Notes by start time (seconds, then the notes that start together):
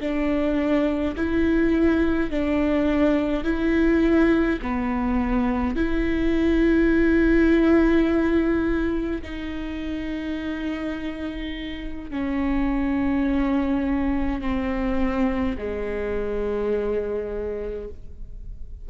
0.00 D4
1.16 E4
2.31 D4
3.44 E4
4.62 B3
5.76 E4
9.23 D#4
12.11 C#4
14.42 C4
15.58 G#3